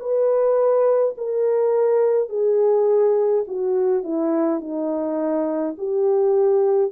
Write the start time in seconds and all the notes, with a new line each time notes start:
0.00 B4
1.17 A#4
2.29 G#4
3.48 F#4
4.04 E4
4.60 D#4
5.78 G4